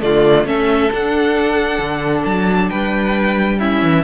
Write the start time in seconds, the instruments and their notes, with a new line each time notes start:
0.00 cello D3, viola A3, violin F4 D5
0.45 cello A3, viola C#4, violin A4 E5
0.91 viola D4, cello D4, violin F#5
1.78 cello D3
2.25 cello F#3, violin A5
2.69 cello G3, violin B4 G5
3.59 viola C#4, violin E4 E5
3.82 cello E3